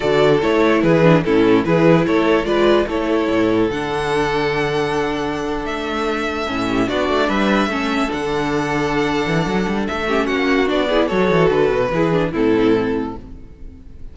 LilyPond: <<
  \new Staff \with { instrumentName = "violin" } { \time 4/4 \tempo 4 = 146 d''4 cis''4 b'4 a'4 | b'4 cis''4 d''4 cis''4~ | cis''4 fis''2.~ | fis''4.~ fis''16 e''2~ e''16~ |
e''8. d''4 e''2 fis''16~ | fis''1 | e''4 fis''4 d''4 cis''4 | b'2 a'2 | }
  \new Staff \with { instrumentName = "violin" } { \time 4/4 a'2 gis'4 e'4 | gis'4 a'4 b'4 a'4~ | a'1~ | a'1~ |
a'16 g'8 fis'4 b'4 a'4~ a'16~ | a'1~ | a'8 g'8 fis'4. gis'8 a'4~ | a'4 gis'4 e'2 | }
  \new Staff \with { instrumentName = "viola" } { \time 4/4 fis'4 e'4. d'8 cis'4 | e'2 f'4 e'4~ | e'4 d'2.~ | d'2.~ d'8. cis'16~ |
cis'8. d'2 cis'4 d'16~ | d'1~ | d'8 cis'4. d'8 e'8 fis'4~ | fis'4 e'8 d'8 c'2 | }
  \new Staff \with { instrumentName = "cello" } { \time 4/4 d4 a4 e4 a,4 | e4 a4 gis4 a4 | a,4 d2.~ | d4.~ d16 a2 a,16~ |
a,8. b8 a8 g4 a4 d16~ | d2~ d8 e8 fis8 g8 | a4 ais4 b4 fis8 e8 | d8 b,8 e4 a,2 | }
>>